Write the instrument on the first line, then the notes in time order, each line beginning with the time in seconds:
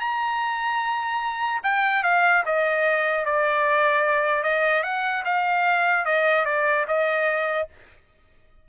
trumpet
0.00 A#5
1.63 G5
2.03 F5
2.45 D#5
3.25 D5
4.43 D#5
4.83 F#5
5.25 F5
6.05 D#5
6.45 D5
6.88 D#5